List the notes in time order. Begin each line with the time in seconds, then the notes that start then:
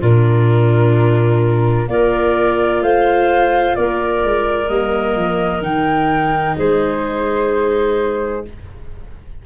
0.00 A#2 D4 F4 A#4
1.88 A#3 F4 A#4 D5
2.81 A3 C5 F5
3.75 A#3 A#4 D5
4.24 G#3
4.68 G3 A#3 D#5
5.16 F3
5.61 D#3 D#4 G5
6.57 G#3 G#4 C5